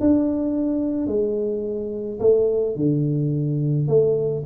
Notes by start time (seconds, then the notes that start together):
0.00 D4
1.07 G#3
2.20 A3
2.76 D3
3.88 A3